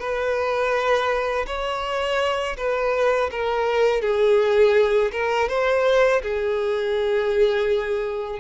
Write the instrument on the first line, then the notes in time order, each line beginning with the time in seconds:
violin
0.00 B4
1.47 C#5
2.57 B4
3.31 A#4
4.02 G#4
5.12 A#4
5.49 C5
6.23 G#4